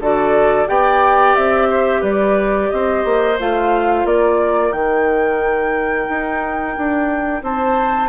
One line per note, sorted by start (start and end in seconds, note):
0.00 0.67 D3
0.00 0.67 F#4
0.00 0.69 A4
0.00 0.69 D5
0.67 1.36 B3
0.67 3.37 G4
0.67 1.69 D5
0.67 1.36 G5
1.36 2.03 C4
1.36 2.03 E5
1.69 2.01 C5
2.01 2.70 G3
2.01 2.69 B4
2.01 2.71 D5
2.71 3.05 C4
2.71 4.08 C5
2.71 3.38 D#5
3.05 3.39 A#3
3.40 4.05 A3
3.40 4.73 F4
3.40 4.07 F5
4.05 4.72 A#3
4.05 7.43 A#4
4.05 4.73 D5
4.72 6.07 D#3
4.72 8.10 D#4
4.72 7.42 G5
6.10 6.77 D#4
6.78 7.43 D4
7.43 8.10 C4
7.43 8.10 C5
7.43 8.10 A5